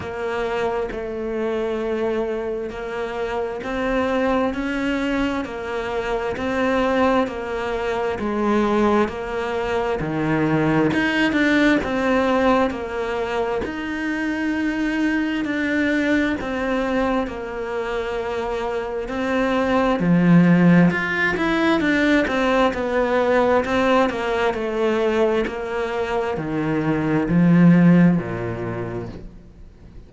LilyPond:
\new Staff \with { instrumentName = "cello" } { \time 4/4 \tempo 4 = 66 ais4 a2 ais4 | c'4 cis'4 ais4 c'4 | ais4 gis4 ais4 dis4 | dis'8 d'8 c'4 ais4 dis'4~ |
dis'4 d'4 c'4 ais4~ | ais4 c'4 f4 f'8 e'8 | d'8 c'8 b4 c'8 ais8 a4 | ais4 dis4 f4 ais,4 | }